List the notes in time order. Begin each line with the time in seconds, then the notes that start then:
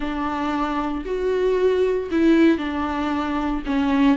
0.00 D4
1.05 F#4
2.11 E4
2.58 D4
3.66 C#4